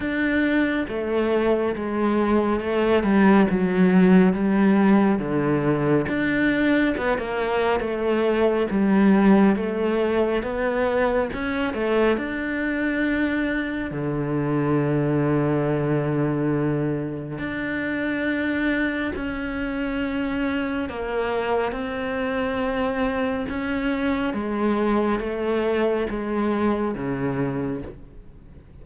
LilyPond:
\new Staff \with { instrumentName = "cello" } { \time 4/4 \tempo 4 = 69 d'4 a4 gis4 a8 g8 | fis4 g4 d4 d'4 | b16 ais8. a4 g4 a4 | b4 cis'8 a8 d'2 |
d1 | d'2 cis'2 | ais4 c'2 cis'4 | gis4 a4 gis4 cis4 | }